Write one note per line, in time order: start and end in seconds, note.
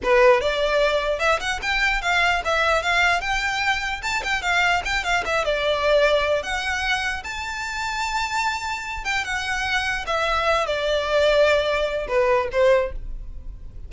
0.03 0.40 B4
0.40 1.19 D5
1.19 1.39 E5
1.39 1.60 F#5
1.62 2.01 G5
2.01 2.42 F5
2.44 2.82 E5
2.82 3.20 F5
3.20 4.01 G5
4.02 4.22 A5
4.23 4.42 G5
4.42 4.82 F5
4.84 5.04 G5
5.04 5.24 F5
5.25 5.44 E5
5.44 6.42 D5
6.42 7.23 F#5
7.23 9.04 A5
9.04 9.24 G5
9.24 10.05 F#5
10.06 10.66 E5
10.66 12.07 D5
12.08 12.48 B4
12.51 12.92 C5